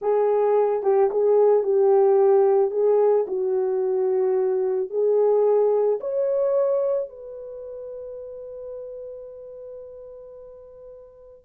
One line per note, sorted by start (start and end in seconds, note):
0.01 0.83 G#4
0.83 1.10 G4
1.10 1.63 G#4
1.63 2.70 G4
2.70 3.25 G#4
3.27 4.90 F#4
4.90 5.99 G#4
6.00 7.09 C#5
7.09 11.45 B4